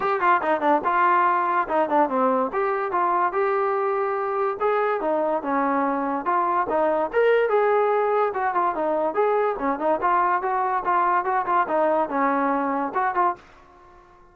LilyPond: \new Staff \with { instrumentName = "trombone" } { \time 4/4 \tempo 4 = 144 g'8 f'8 dis'8 d'8 f'2 | dis'8 d'8 c'4 g'4 f'4 | g'2. gis'4 | dis'4 cis'2 f'4 |
dis'4 ais'4 gis'2 | fis'8 f'8 dis'4 gis'4 cis'8 dis'8 | f'4 fis'4 f'4 fis'8 f'8 | dis'4 cis'2 fis'8 f'8 | }